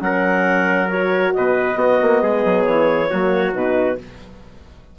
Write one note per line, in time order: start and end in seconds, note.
0.00 1.34 F#3
0.00 0.88 C#4
0.00 1.36 A#4
0.00 0.89 F#5
0.89 1.77 F#4
0.89 1.33 C#5
1.34 1.76 B2
1.34 1.79 B4
1.34 2.64 D#5
1.76 1.98 B3
1.76 3.09 B3
1.76 2.22 F#4
2.02 2.23 A#3
2.22 2.45 G#3
2.22 3.10 G#4
2.45 2.67 F#3
2.64 3.11 E3
2.64 3.52 C#5
3.10 3.54 F#3
3.10 3.54 A#3
3.10 3.99 F#4
3.54 3.98 B2
3.54 3.98 D#4
3.54 3.99 B4